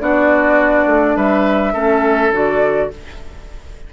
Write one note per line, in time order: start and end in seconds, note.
0.00 0.86 B3
0.00 1.74 D4
0.00 1.17 F#4
0.00 1.17 D5
0.86 1.15 A3
1.16 1.74 G3
1.16 1.73 B4
1.16 2.33 E5
1.73 2.31 A3
1.73 2.32 C#4
1.73 2.90 A4
2.31 2.90 D3
2.31 2.91 F#4
2.31 2.93 D5